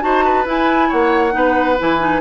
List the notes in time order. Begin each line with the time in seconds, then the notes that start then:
0.00 D#4 F#4 C5 A5
0.25 B4
0.45 E4 G#5
0.88 A#3 C#5 F#5
1.31 B3 D#4 B4
1.79 E3 E4 G#5
1.99 D#4